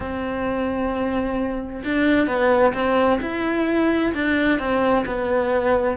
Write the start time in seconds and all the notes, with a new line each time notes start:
0.00 C4
1.84 D4
2.27 B3
2.73 C4
3.21 E4
4.13 D4
4.59 C4
5.05 B3